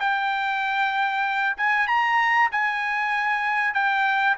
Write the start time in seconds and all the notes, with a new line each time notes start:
0.00 G5
1.57 G#5
1.87 A#5
2.51 G#5
3.74 G5